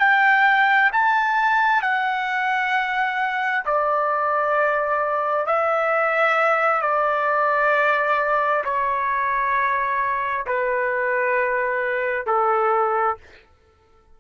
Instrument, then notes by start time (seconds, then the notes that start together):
trumpet
0.00 G5
0.93 A5
1.83 F#5
3.65 D5
5.47 E5
6.82 D5
8.65 C#5
10.47 B4
12.26 A4